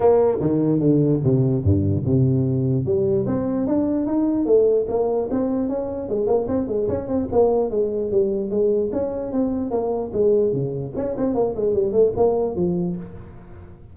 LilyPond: \new Staff \with { instrumentName = "tuba" } { \time 4/4 \tempo 4 = 148 ais4 dis4 d4 c4 | g,4 c2 g4 | c'4 d'4 dis'4 a4 | ais4 c'4 cis'4 gis8 ais8 |
c'8 gis8 cis'8 c'8 ais4 gis4 | g4 gis4 cis'4 c'4 | ais4 gis4 cis4 cis'8 c'8 | ais8 gis8 g8 a8 ais4 f4 | }